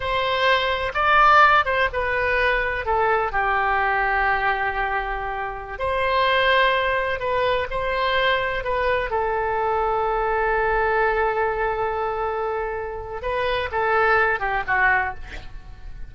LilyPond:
\new Staff \with { instrumentName = "oboe" } { \time 4/4 \tempo 4 = 127 c''2 d''4. c''8 | b'2 a'4 g'4~ | g'1~ | g'16 c''2. b'8.~ |
b'16 c''2 b'4 a'8.~ | a'1~ | a'1 | b'4 a'4. g'8 fis'4 | }